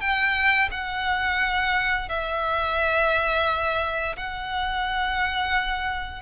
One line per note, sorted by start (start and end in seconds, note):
0.00 0.69 G5
0.71 2.09 F#5
2.09 4.16 E5
4.16 6.22 F#5